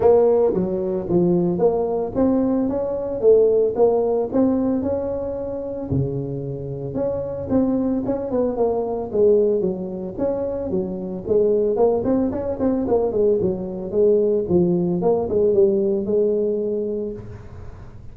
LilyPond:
\new Staff \with { instrumentName = "tuba" } { \time 4/4 \tempo 4 = 112 ais4 fis4 f4 ais4 | c'4 cis'4 a4 ais4 | c'4 cis'2 cis4~ | cis4 cis'4 c'4 cis'8 b8 |
ais4 gis4 fis4 cis'4 | fis4 gis4 ais8 c'8 cis'8 c'8 | ais8 gis8 fis4 gis4 f4 | ais8 gis8 g4 gis2 | }